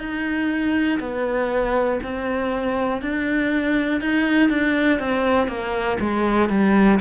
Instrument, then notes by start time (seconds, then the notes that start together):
cello
0.00 D#4
1.00 B3
2.04 C4
3.02 D4
4.01 D#4
4.50 D4
5.00 C4
5.48 A#3
6.00 G#3
6.50 G3